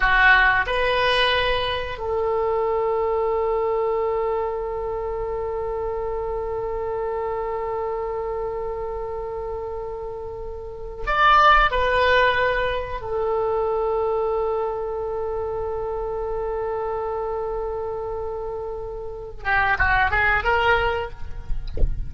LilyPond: \new Staff \with { instrumentName = "oboe" } { \time 4/4 \tempo 4 = 91 fis'4 b'2 a'4~ | a'1~ | a'1~ | a'1~ |
a'8. d''4 b'2 a'16~ | a'1~ | a'1~ | a'4. g'8 fis'8 gis'8 ais'4 | }